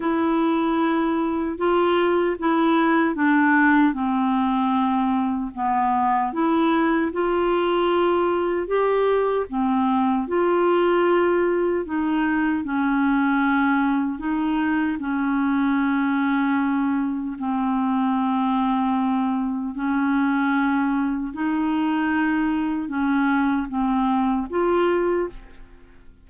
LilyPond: \new Staff \with { instrumentName = "clarinet" } { \time 4/4 \tempo 4 = 76 e'2 f'4 e'4 | d'4 c'2 b4 | e'4 f'2 g'4 | c'4 f'2 dis'4 |
cis'2 dis'4 cis'4~ | cis'2 c'2~ | c'4 cis'2 dis'4~ | dis'4 cis'4 c'4 f'4 | }